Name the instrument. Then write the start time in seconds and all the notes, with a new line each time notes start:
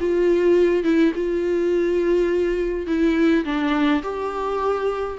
viola
0.00 F4
0.84 E4
1.15 F4
2.87 E4
3.45 D4
4.03 G4